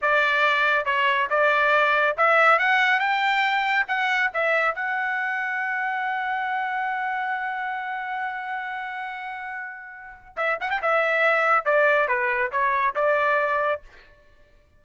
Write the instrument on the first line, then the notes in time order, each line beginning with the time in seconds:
trumpet
0.01 D5
0.85 C#5
1.29 D5
2.17 E5
2.58 F#5
2.99 G5
3.87 F#5
4.33 E5
4.75 F#5
10.36 E5
10.60 F#5
10.70 G5
10.81 E5
11.65 D5
12.08 B4
12.51 C#5
12.95 D5